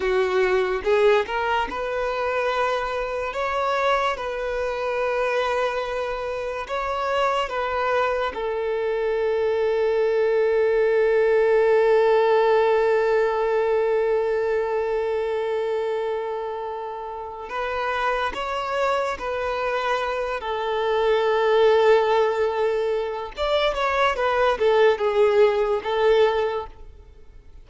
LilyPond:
\new Staff \with { instrumentName = "violin" } { \time 4/4 \tempo 4 = 72 fis'4 gis'8 ais'8 b'2 | cis''4 b'2. | cis''4 b'4 a'2~ | a'1~ |
a'1~ | a'4 b'4 cis''4 b'4~ | b'8 a'2.~ a'8 | d''8 cis''8 b'8 a'8 gis'4 a'4 | }